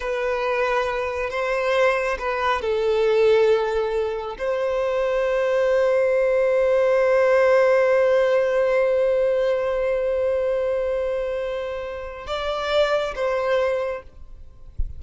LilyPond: \new Staff \with { instrumentName = "violin" } { \time 4/4 \tempo 4 = 137 b'2. c''4~ | c''4 b'4 a'2~ | a'2 c''2~ | c''1~ |
c''1~ | c''1~ | c''1 | d''2 c''2 | }